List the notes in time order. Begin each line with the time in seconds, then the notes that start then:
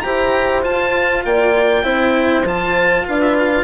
0.00 E4 G4 C5 A#5
0.62 F4 A5
1.24 A#3 D5 G5
1.82 C4 E4 C5
2.44 F3 F4 A5
3.06 D4 B4 F5
3.21 E5
3.37 F5